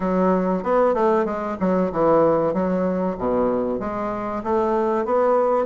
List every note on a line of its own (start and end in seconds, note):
0.00 0.63 F#3
0.63 0.94 B3
0.94 1.25 A3
1.25 1.56 G#3
1.60 1.91 F#3
1.92 2.53 E3
2.53 3.16 F#3
3.18 3.79 B2
3.79 4.42 G#3
4.43 5.05 A3
5.05 5.65 B3